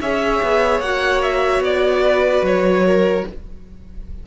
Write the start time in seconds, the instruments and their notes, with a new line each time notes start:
0.00 cello C#4, viola G#4, violin C#5 E5
0.42 cello B3
0.79 cello A#3, viola F#4, violin F#5
1.22 violin E5
1.60 cello B3, violin D5
2.04 violin B4
2.42 cello F#3, violin C#5
2.85 violin A#4